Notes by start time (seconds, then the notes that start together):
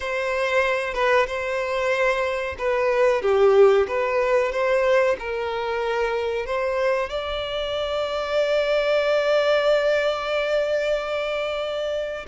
0.00 C5
0.94 B4
1.26 C5
2.58 B4
3.22 G4
3.87 B4
4.52 C5
5.19 A#4
6.45 C5
7.09 D5